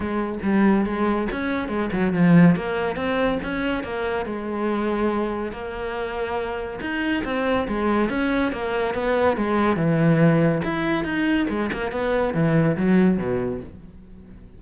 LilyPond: \new Staff \with { instrumentName = "cello" } { \time 4/4 \tempo 4 = 141 gis4 g4 gis4 cis'4 | gis8 fis8 f4 ais4 c'4 | cis'4 ais4 gis2~ | gis4 ais2. |
dis'4 c'4 gis4 cis'4 | ais4 b4 gis4 e4~ | e4 e'4 dis'4 gis8 ais8 | b4 e4 fis4 b,4 | }